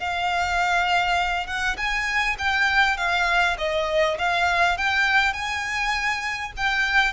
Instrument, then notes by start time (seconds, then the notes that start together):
violin
0.00 F5
1.47 F#5
1.77 G#5
2.39 G5
2.98 F5
3.59 D#5
4.19 F5
4.78 G5
5.34 G#5
6.57 G5